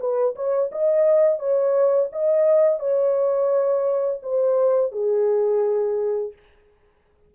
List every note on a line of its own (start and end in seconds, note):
0.00 0.35 B4
0.36 0.71 C#5
0.72 1.39 D#5
1.39 2.10 C#5
2.12 2.80 D#5
2.80 4.21 C#5
4.23 4.92 C5
4.92 6.33 G#4